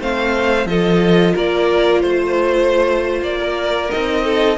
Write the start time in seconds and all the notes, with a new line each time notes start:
0.00 A3 C4 C5 F5
0.65 F3 F4 A4 D#5
1.34 A#3 A#4 D5
2.01 A3 C5
3.21 A#3 D5
3.39 A#4
3.91 C4 D#4 D#5
4.24 A4